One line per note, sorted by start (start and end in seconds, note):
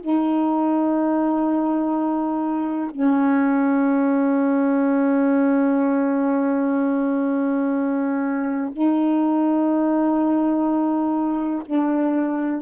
0.00 2.90 D#4
2.91 8.71 C#4
8.72 11.62 D#4
11.65 12.62 D4